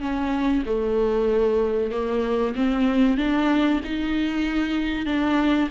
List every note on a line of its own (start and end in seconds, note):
0.00 0.63 C#4
0.66 1.91 A3
1.91 2.55 A#3
2.56 3.18 C4
3.18 3.81 D4
3.84 5.06 D#4
5.06 5.69 D4